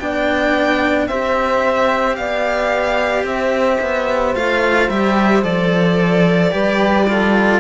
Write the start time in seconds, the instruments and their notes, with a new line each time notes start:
0.00 cello B3 D4, saxophone D5, violin G5
1.07 cello C4 G4, saxophone C5, violin E5
2.15 cello B3, saxophone D5, violin F5
3.23 cello C4, saxophone C5, violin E5
3.81 cello B3
4.35 cello A3 F4, violin F5
4.89 cello G3 G4, violin E5
5.42 cello F3 A4, violin D5
6.51 cello G3 G4, saxophone B4
7.08 cello F4, saxophone A4